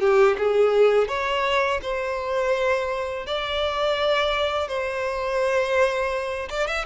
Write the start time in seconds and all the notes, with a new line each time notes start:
0.00 G4
0.37 G#4
1.08 C#5
1.82 C5
3.26 D5
4.68 C5
6.49 D5
6.67 E5